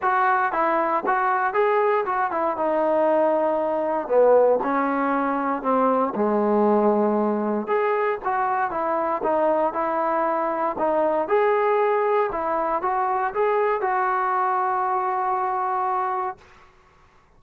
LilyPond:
\new Staff \with { instrumentName = "trombone" } { \time 4/4 \tempo 4 = 117 fis'4 e'4 fis'4 gis'4 | fis'8 e'8 dis'2. | b4 cis'2 c'4 | gis2. gis'4 |
fis'4 e'4 dis'4 e'4~ | e'4 dis'4 gis'2 | e'4 fis'4 gis'4 fis'4~ | fis'1 | }